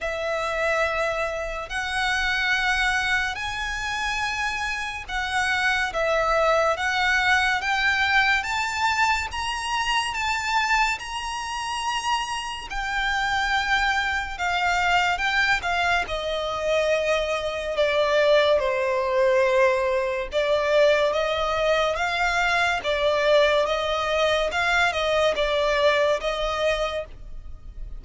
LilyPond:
\new Staff \with { instrumentName = "violin" } { \time 4/4 \tempo 4 = 71 e''2 fis''2 | gis''2 fis''4 e''4 | fis''4 g''4 a''4 ais''4 | a''4 ais''2 g''4~ |
g''4 f''4 g''8 f''8 dis''4~ | dis''4 d''4 c''2 | d''4 dis''4 f''4 d''4 | dis''4 f''8 dis''8 d''4 dis''4 | }